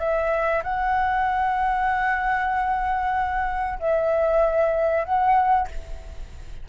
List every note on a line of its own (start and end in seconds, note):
0.00 0.63 E5
0.64 3.80 F#5
3.80 5.05 E5
5.05 5.68 F#5